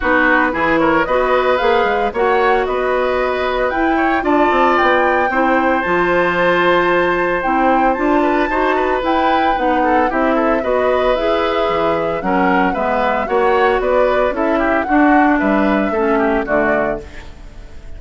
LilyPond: <<
  \new Staff \with { instrumentName = "flute" } { \time 4/4 \tempo 4 = 113 b'4. cis''8 dis''4 f''4 | fis''4 dis''2 g''4 | a''4 g''2 a''4~ | a''2 g''4 a''4~ |
a''4 g''4 fis''4 e''4 | dis''4 e''2 fis''4 | e''4 fis''4 d''4 e''4 | fis''4 e''2 d''4 | }
  \new Staff \with { instrumentName = "oboe" } { \time 4/4 fis'4 gis'8 ais'8 b'2 | cis''4 b'2~ b'8 cis''8 | d''2 c''2~ | c''2.~ c''8 b'8 |
c''8 b'2 a'8 g'8 a'8 | b'2. ais'4 | b'4 cis''4 b'4 a'8 g'8 | fis'4 b'4 a'8 g'8 fis'4 | }
  \new Staff \with { instrumentName = "clarinet" } { \time 4/4 dis'4 e'4 fis'4 gis'4 | fis'2. e'4 | f'2 e'4 f'4~ | f'2 e'4 f'4 |
fis'4 e'4 dis'4 e'4 | fis'4 gis'2 cis'4 | b4 fis'2 e'4 | d'2 cis'4 a4 | }
  \new Staff \with { instrumentName = "bassoon" } { \time 4/4 b4 e4 b4 ais8 gis8 | ais4 b2 e'4 | d'8 c'8 b4 c'4 f4~ | f2 c'4 d'4 |
dis'4 e'4 b4 c'4 | b4 e'4 e4 fis4 | gis4 ais4 b4 cis'4 | d'4 g4 a4 d4 | }
>>